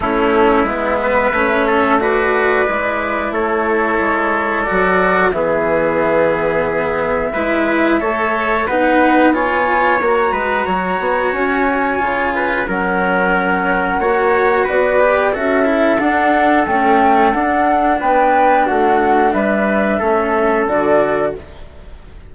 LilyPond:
<<
  \new Staff \with { instrumentName = "flute" } { \time 4/4 \tempo 4 = 90 a'4 e''2 d''4~ | d''4 cis''2 d''4 | e''1~ | e''4 fis''4 gis''4 ais''4~ |
ais''4 gis''2 fis''4~ | fis''2 d''4 e''4 | fis''4 g''4 fis''4 g''4 | fis''4 e''2 d''4 | }
  \new Staff \with { instrumentName = "trumpet" } { \time 4/4 e'4. b'4 a'8 b'4~ | b'4 a'2. | gis'2. b'4 | cis''4 b'4 cis''4. b'8 |
cis''2~ cis''8 b'8 ais'4~ | ais'4 cis''4 b'4 a'4~ | a'2. b'4 | fis'4 b'4 a'2 | }
  \new Staff \with { instrumentName = "cello" } { \time 4/4 cis'4 b4 cis'4 fis'4 | e'2. fis'4 | b2. e'4 | a'4 dis'4 f'4 fis'4~ |
fis'2 f'4 cis'4~ | cis'4 fis'4. g'8 fis'8 e'8 | d'4 a4 d'2~ | d'2 cis'4 fis'4 | }
  \new Staff \with { instrumentName = "bassoon" } { \time 4/4 a4 gis4 a2 | gis4 a4 gis4 fis4 | e2. gis4 | a4 b2 ais8 gis8 |
fis8 b8 cis'4 cis4 fis4~ | fis4 ais4 b4 cis'4 | d'4 cis'4 d'4 b4 | a4 g4 a4 d4 | }
>>